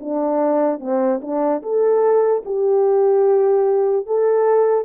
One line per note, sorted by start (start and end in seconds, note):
0.00 0.80 D4
0.80 1.21 C4
1.22 1.62 D4
1.62 2.43 A4
2.45 4.07 G4
4.07 4.85 A4